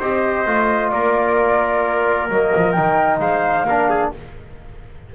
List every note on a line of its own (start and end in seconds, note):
0.00 0.46 C4
0.00 0.47 G4
0.00 0.92 C5
0.00 0.91 D#5
0.47 0.92 A3
0.47 2.30 F4
0.91 2.30 A#3
0.91 3.21 A#4
0.91 2.28 D5
2.30 2.53 F#3
2.30 2.76 A#3
2.30 2.72 D#5
2.56 2.79 F3
2.72 3.68 D#4
2.72 3.18 G5
2.79 3.19 D#3
3.19 3.64 G#3
3.19 3.66 C5
3.19 4.12 F5
3.64 4.10 A#3
3.64 4.15 D4
3.64 3.90 A#4
3.90 4.13 G#4